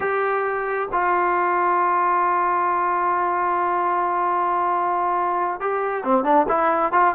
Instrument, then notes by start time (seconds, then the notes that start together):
trombone
0.00 G4
0.92 F4
5.60 G4
6.03 C4
6.23 D4
6.48 E4
6.92 F4